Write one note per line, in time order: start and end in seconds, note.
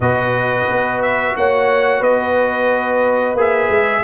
0.00 0.67 B2
0.00 3.37 F#4
0.00 1.36 B4
0.00 1.02 D#5
0.68 1.35 B3
1.02 1.35 E5
1.36 2.01 A#3
1.36 1.99 C#5
1.36 2.03 F#5
1.99 3.34 B3
1.99 4.02 B4
1.99 3.37 D#5
3.34 3.68 A#3
3.34 4.04 G#4
3.34 4.04 E5
3.69 4.03 G#3